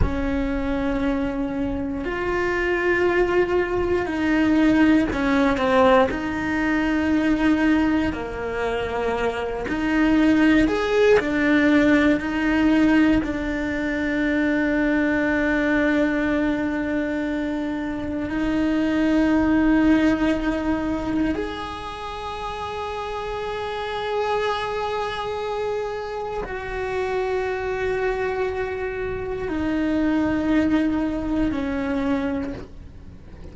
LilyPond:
\new Staff \with { instrumentName = "cello" } { \time 4/4 \tempo 4 = 59 cis'2 f'2 | dis'4 cis'8 c'8 dis'2 | ais4. dis'4 gis'8 d'4 | dis'4 d'2.~ |
d'2 dis'2~ | dis'4 gis'2.~ | gis'2 fis'2~ | fis'4 dis'2 cis'4 | }